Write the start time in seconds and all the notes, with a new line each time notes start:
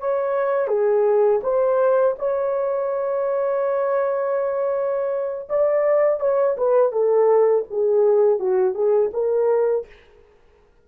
0.00 C#5
0.68 G#4
1.43 C5
2.19 C#5
5.49 D5
6.20 C#5
6.58 B4
6.92 A4
7.71 G#4
8.40 F#4
8.75 G#4
9.14 A#4